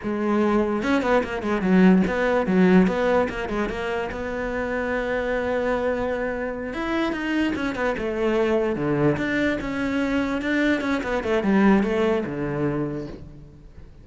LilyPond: \new Staff \with { instrumentName = "cello" } { \time 4/4 \tempo 4 = 147 gis2 cis'8 b8 ais8 gis8 | fis4 b4 fis4 b4 | ais8 gis8 ais4 b2~ | b1~ |
b8 e'4 dis'4 cis'8 b8 a8~ | a4. d4 d'4 cis'8~ | cis'4. d'4 cis'8 b8 a8 | g4 a4 d2 | }